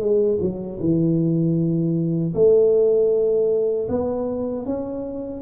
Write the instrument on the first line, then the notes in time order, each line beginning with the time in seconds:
tuba
0.00 G#3
0.41 F#3
0.80 E3
2.34 A3
3.89 B3
4.65 C#4